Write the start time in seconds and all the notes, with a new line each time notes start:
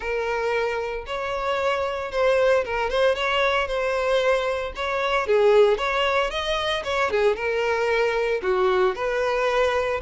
0.00 A#4
1.06 C#5
2.11 C5
2.65 A#4
2.89 C5
3.15 C#5
3.67 C5
4.75 C#5
5.27 G#4
5.77 C#5
6.30 D#5
6.84 C#5
7.10 G#4
7.35 A#4
8.42 F#4
8.95 B4